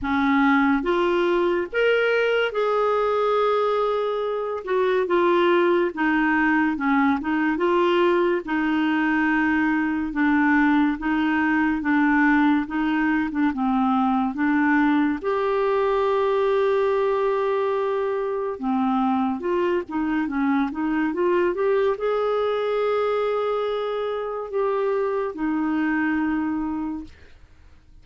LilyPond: \new Staff \with { instrumentName = "clarinet" } { \time 4/4 \tempo 4 = 71 cis'4 f'4 ais'4 gis'4~ | gis'4. fis'8 f'4 dis'4 | cis'8 dis'8 f'4 dis'2 | d'4 dis'4 d'4 dis'8. d'16 |
c'4 d'4 g'2~ | g'2 c'4 f'8 dis'8 | cis'8 dis'8 f'8 g'8 gis'2~ | gis'4 g'4 dis'2 | }